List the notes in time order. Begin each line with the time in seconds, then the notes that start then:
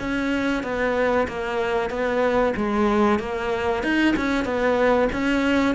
0.00 C#4
0.64 B3
1.28 A#3
1.90 B3
2.57 G#3
3.20 A#3
3.84 D#4
4.17 C#4
4.45 B3
5.13 C#4